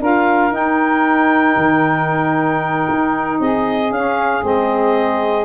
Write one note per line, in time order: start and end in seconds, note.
0.00 0.51 D4
0.00 0.49 F4
0.00 3.40 A#4
0.00 0.54 F5
0.49 3.88 D#4
0.49 1.56 D#4
0.49 3.40 G5
1.56 2.86 D#3
2.89 3.39 D#4
3.39 3.90 C4
3.39 5.45 G#4
3.39 3.92 D#5
3.90 4.42 C#4
3.90 4.41 C#4
3.90 4.44 F5
4.41 5.45 G#3
4.41 5.45 C4
4.41 5.45 D#5